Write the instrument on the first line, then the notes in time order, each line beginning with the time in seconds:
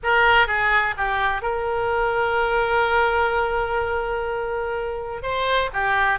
oboe
0.03 A#4
0.47 G#4
0.97 G4
1.42 A#4
5.22 C5
5.73 G4